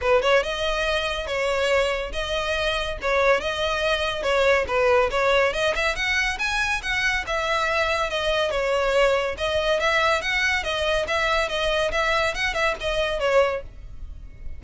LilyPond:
\new Staff \with { instrumentName = "violin" } { \time 4/4 \tempo 4 = 141 b'8 cis''8 dis''2 cis''4~ | cis''4 dis''2 cis''4 | dis''2 cis''4 b'4 | cis''4 dis''8 e''8 fis''4 gis''4 |
fis''4 e''2 dis''4 | cis''2 dis''4 e''4 | fis''4 dis''4 e''4 dis''4 | e''4 fis''8 e''8 dis''4 cis''4 | }